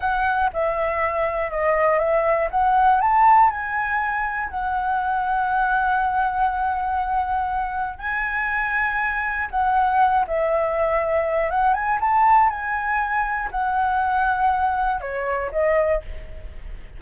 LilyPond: \new Staff \with { instrumentName = "flute" } { \time 4/4 \tempo 4 = 120 fis''4 e''2 dis''4 | e''4 fis''4 a''4 gis''4~ | gis''4 fis''2.~ | fis''1 |
gis''2. fis''4~ | fis''8 e''2~ e''8 fis''8 gis''8 | a''4 gis''2 fis''4~ | fis''2 cis''4 dis''4 | }